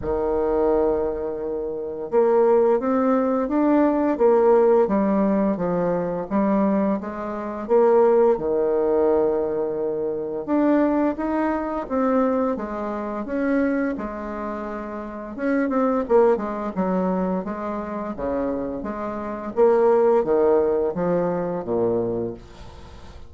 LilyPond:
\new Staff \with { instrumentName = "bassoon" } { \time 4/4 \tempo 4 = 86 dis2. ais4 | c'4 d'4 ais4 g4 | f4 g4 gis4 ais4 | dis2. d'4 |
dis'4 c'4 gis4 cis'4 | gis2 cis'8 c'8 ais8 gis8 | fis4 gis4 cis4 gis4 | ais4 dis4 f4 ais,4 | }